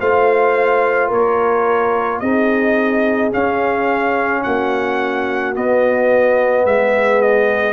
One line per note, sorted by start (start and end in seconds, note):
0.00 1.11 A3
0.00 2.24 F4
0.00 1.08 C5
0.00 1.12 F5
1.08 2.22 A#3
1.08 2.19 A#4
1.08 2.19 C#5
2.19 3.33 C4
2.19 3.32 D#4
2.19 4.43 G#4
2.19 3.31 D#5
3.32 5.54 C#4
3.32 4.45 C#4
3.32 4.43 F5
4.43 5.56 A#3
4.43 6.66 F#4
4.43 5.54 F#5
5.54 7.73 B3
5.54 6.66 B3
5.54 6.66 D#5
6.66 7.73 G#3
6.66 7.73 G#4
6.66 7.22 E5
7.22 7.73 D#5